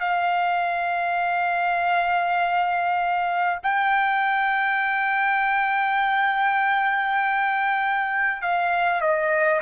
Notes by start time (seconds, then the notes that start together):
0.00 F5
3.63 G5
8.42 F5
9.02 D#5